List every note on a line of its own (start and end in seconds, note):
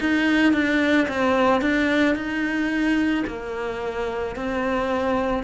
0.00 0.53 D#4
0.53 1.08 D4
1.08 1.62 C4
1.62 2.15 D4
2.15 3.24 D#4
3.27 4.36 A#3
4.36 5.43 C4